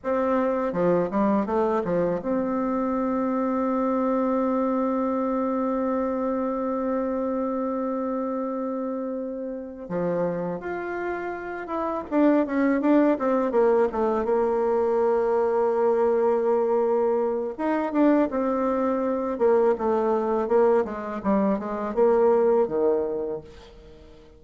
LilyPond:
\new Staff \with { instrumentName = "bassoon" } { \time 4/4 \tempo 4 = 82 c'4 f8 g8 a8 f8 c'4~ | c'1~ | c'1~ | c'4. f4 f'4. |
e'8 d'8 cis'8 d'8 c'8 ais8 a8 ais8~ | ais1 | dis'8 d'8 c'4. ais8 a4 | ais8 gis8 g8 gis8 ais4 dis4 | }